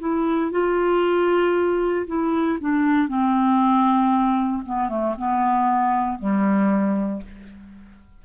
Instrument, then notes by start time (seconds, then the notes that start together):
clarinet
0.00 E4
0.52 F4
2.07 E4
2.61 D4
3.08 C4
4.66 B3
4.89 A3
5.18 B3
6.19 G3